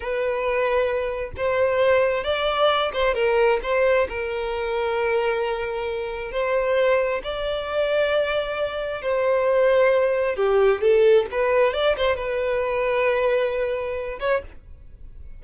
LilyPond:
\new Staff \with { instrumentName = "violin" } { \time 4/4 \tempo 4 = 133 b'2. c''4~ | c''4 d''4. c''8 ais'4 | c''4 ais'2.~ | ais'2 c''2 |
d''1 | c''2. g'4 | a'4 b'4 d''8 c''8 b'4~ | b'2.~ b'8 cis''8 | }